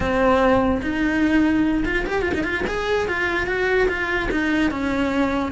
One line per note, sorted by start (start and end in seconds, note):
0.00 0.81 C4
0.82 1.84 D#4
1.85 2.05 F4
2.06 2.22 G4
2.22 2.32 F4
2.33 2.44 D#4
2.44 2.64 F4
2.67 3.07 G#4
3.07 3.47 F4
3.47 3.87 F#4
3.88 4.29 F4
4.31 4.71 D#4
4.71 5.52 C#4